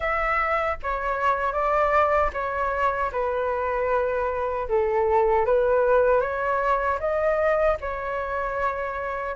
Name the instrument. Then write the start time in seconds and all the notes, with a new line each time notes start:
flute
0.00 E5
0.83 C#5
1.52 D5
2.33 C#5
3.12 B4
4.68 A4
5.45 B4
6.21 C#5
6.99 D#5
7.80 C#5